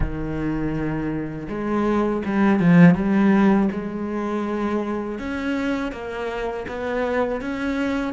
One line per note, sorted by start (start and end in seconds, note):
0.00 1.47 D#3
1.48 2.22 G#3
2.25 2.59 G3
2.59 2.95 F3
2.95 3.69 G3
3.71 5.18 G#3
5.18 5.92 C#4
5.92 6.66 A#3
6.68 7.41 B3
7.41 8.13 C#4